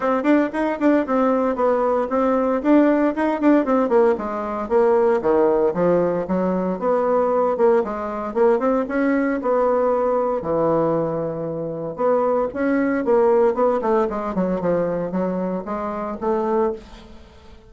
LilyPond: \new Staff \with { instrumentName = "bassoon" } { \time 4/4 \tempo 4 = 115 c'8 d'8 dis'8 d'8 c'4 b4 | c'4 d'4 dis'8 d'8 c'8 ais8 | gis4 ais4 dis4 f4 | fis4 b4. ais8 gis4 |
ais8 c'8 cis'4 b2 | e2. b4 | cis'4 ais4 b8 a8 gis8 fis8 | f4 fis4 gis4 a4 | }